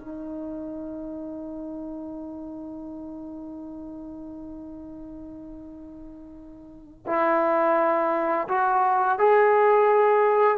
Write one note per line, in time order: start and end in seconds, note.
0.00 7.06 D#4
7.07 8.48 E4
8.49 9.19 F#4
9.19 10.58 G#4